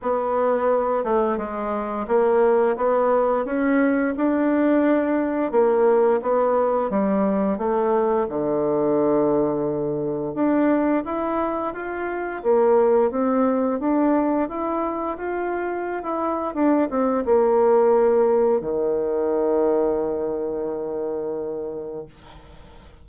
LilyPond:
\new Staff \with { instrumentName = "bassoon" } { \time 4/4 \tempo 4 = 87 b4. a8 gis4 ais4 | b4 cis'4 d'2 | ais4 b4 g4 a4 | d2. d'4 |
e'4 f'4 ais4 c'4 | d'4 e'4 f'4~ f'16 e'8. | d'8 c'8 ais2 dis4~ | dis1 | }